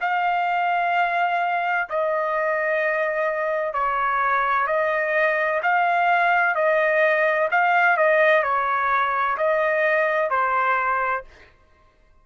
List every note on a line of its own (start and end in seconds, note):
0.00 1.87 F5
1.89 3.73 D#5
3.73 4.67 C#5
4.67 5.60 D#5
5.62 6.55 F5
6.55 7.48 D#5
7.51 7.96 F5
7.96 8.43 D#5
8.43 9.37 C#5
9.37 10.30 D#5
10.30 11.24 C5